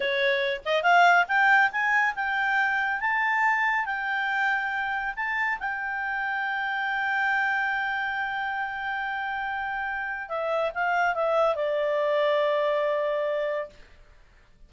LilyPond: \new Staff \with { instrumentName = "clarinet" } { \time 4/4 \tempo 4 = 140 cis''4. dis''8 f''4 g''4 | gis''4 g''2 a''4~ | a''4 g''2. | a''4 g''2.~ |
g''1~ | g''1 | e''4 f''4 e''4 d''4~ | d''1 | }